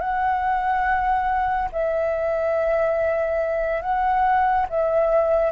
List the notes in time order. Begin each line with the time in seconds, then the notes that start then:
0.00 F#5
1.72 E5
3.82 F#5
4.69 E5